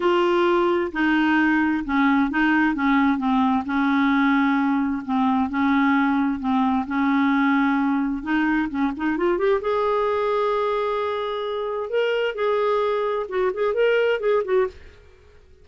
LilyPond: \new Staff \with { instrumentName = "clarinet" } { \time 4/4 \tempo 4 = 131 f'2 dis'2 | cis'4 dis'4 cis'4 c'4 | cis'2. c'4 | cis'2 c'4 cis'4~ |
cis'2 dis'4 cis'8 dis'8 | f'8 g'8 gis'2.~ | gis'2 ais'4 gis'4~ | gis'4 fis'8 gis'8 ais'4 gis'8 fis'8 | }